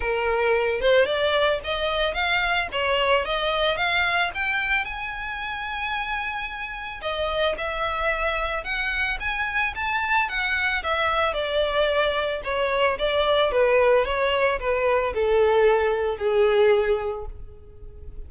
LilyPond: \new Staff \with { instrumentName = "violin" } { \time 4/4 \tempo 4 = 111 ais'4. c''8 d''4 dis''4 | f''4 cis''4 dis''4 f''4 | g''4 gis''2.~ | gis''4 dis''4 e''2 |
fis''4 gis''4 a''4 fis''4 | e''4 d''2 cis''4 | d''4 b'4 cis''4 b'4 | a'2 gis'2 | }